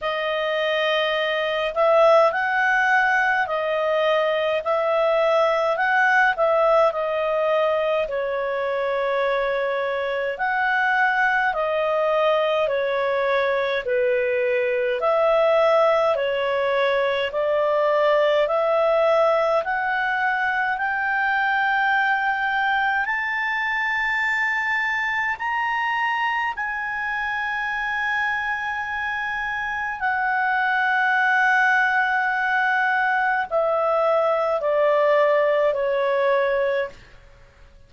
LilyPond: \new Staff \with { instrumentName = "clarinet" } { \time 4/4 \tempo 4 = 52 dis''4. e''8 fis''4 dis''4 | e''4 fis''8 e''8 dis''4 cis''4~ | cis''4 fis''4 dis''4 cis''4 | b'4 e''4 cis''4 d''4 |
e''4 fis''4 g''2 | a''2 ais''4 gis''4~ | gis''2 fis''2~ | fis''4 e''4 d''4 cis''4 | }